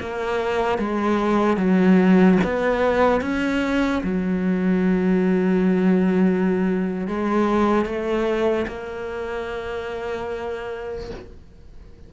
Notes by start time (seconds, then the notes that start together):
0.00 A#3
0.79 G#3
1.57 F#3
2.44 B3
3.21 C#4
4.04 F#3
7.08 G#3
7.86 A3
8.68 A#3